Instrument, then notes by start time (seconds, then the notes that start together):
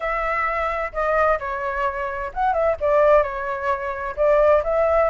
flute
0.00 E5
0.92 D#5
1.39 C#5
2.33 F#5
2.53 E5
2.80 D5
3.22 C#5
4.16 D5
4.63 E5